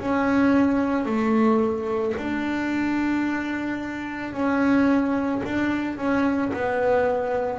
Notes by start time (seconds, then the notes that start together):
0.00 C#4
1.05 A3
2.17 D4
4.33 C#4
5.44 D4
5.98 C#4
6.53 B3